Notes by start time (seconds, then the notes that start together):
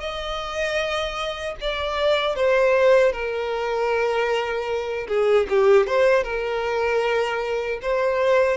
0.00 D#5
1.61 D5
2.36 C5
3.12 A#4
5.08 G#4
5.49 G4
5.87 C5
6.23 A#4
7.82 C5